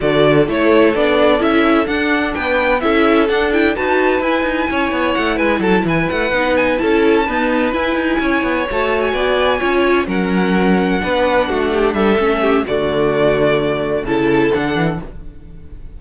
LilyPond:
<<
  \new Staff \with { instrumentName = "violin" } { \time 4/4 \tempo 4 = 128 d''4 cis''4 d''4 e''4 | fis''4 g''4 e''4 fis''8 g''8 | a''4 gis''2 fis''8 gis''8 | a''8 gis''8 fis''4 gis''8 a''4.~ |
a''8 gis''2 a''8. gis''8.~ | gis''4. fis''2~ fis''8~ | fis''4. e''4. d''4~ | d''2 a''4 fis''4 | }
  \new Staff \with { instrumentName = "violin" } { \time 4/4 a'1~ | a'4 b'4 a'2 | b'2 cis''4. b'8 | a'8 b'2 a'4 b'8~ |
b'4. cis''2 d''8~ | d''8 cis''4 ais'2 b'8~ | b'8 fis'8 g'8 a'4 g'8 fis'4~ | fis'2 a'2 | }
  \new Staff \with { instrumentName = "viola" } { \time 4/4 fis'4 e'4 d'4 e'4 | d'2 e'4 d'8 e'8 | fis'4 e'2.~ | e'4. dis'4 e'4 b8~ |
b8 e'2 fis'4.~ | fis'8 f'4 cis'2 d'8~ | d'2 cis'4 a4~ | a2 e'4 d'4 | }
  \new Staff \with { instrumentName = "cello" } { \time 4/4 d4 a4 b4 cis'4 | d'4 b4 cis'4 d'4 | dis'4 e'8 dis'8 cis'8 b8 a8 gis8 | fis8 e8 a8 b4 cis'4 dis'8~ |
dis'8 e'8 dis'8 cis'8 b8 a4 b8~ | b8 cis'4 fis2 b8~ | b8 a4 g8 a4 d4~ | d2 cis4 d8 e8 | }
>>